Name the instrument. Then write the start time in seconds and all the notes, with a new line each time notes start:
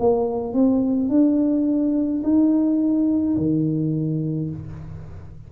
tuba
0.00 A#3
0.54 C4
1.09 D4
2.24 D#4
3.37 D#3